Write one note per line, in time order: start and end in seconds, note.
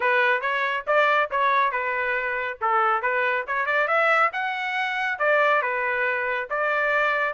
0.00 0.41 B4
0.41 0.84 C#5
0.86 1.29 D5
1.30 1.71 C#5
1.71 2.58 B4
2.61 3.02 A4
3.02 3.45 B4
3.47 3.66 C#5
3.66 3.87 D5
3.87 4.30 E5
4.33 5.19 F#5
5.19 5.62 D5
5.62 6.48 B4
6.50 7.33 D5